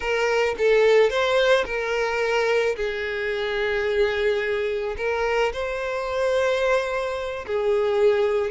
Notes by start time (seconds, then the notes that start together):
0.00 A#4
0.58 A4
1.09 C5
1.65 A#4
2.75 G#4
4.97 A#4
5.52 C5
7.46 G#4